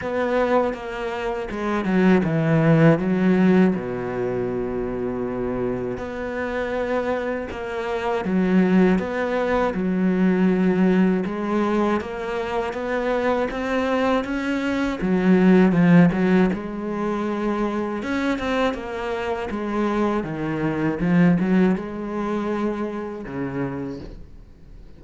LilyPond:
\new Staff \with { instrumentName = "cello" } { \time 4/4 \tempo 4 = 80 b4 ais4 gis8 fis8 e4 | fis4 b,2. | b2 ais4 fis4 | b4 fis2 gis4 |
ais4 b4 c'4 cis'4 | fis4 f8 fis8 gis2 | cis'8 c'8 ais4 gis4 dis4 | f8 fis8 gis2 cis4 | }